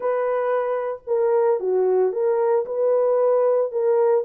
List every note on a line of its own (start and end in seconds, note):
0.00 1.02 B4
1.06 1.59 A#4
1.60 2.12 F#4
2.12 2.65 A#4
2.65 3.71 B4
3.71 4.24 A#4